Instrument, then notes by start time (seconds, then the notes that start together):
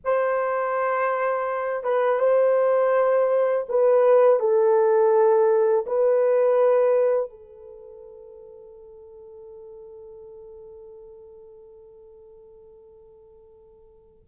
horn
0.04 C5
1.83 B4
2.20 C5
3.69 B4
4.39 A4
5.86 B4
7.29 A4